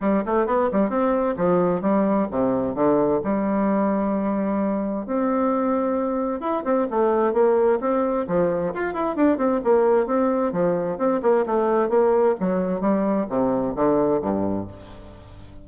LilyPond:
\new Staff \with { instrumentName = "bassoon" } { \time 4/4 \tempo 4 = 131 g8 a8 b8 g8 c'4 f4 | g4 c4 d4 g4~ | g2. c'4~ | c'2 e'8 c'8 a4 |
ais4 c'4 f4 f'8 e'8 | d'8 c'8 ais4 c'4 f4 | c'8 ais8 a4 ais4 fis4 | g4 c4 d4 g,4 | }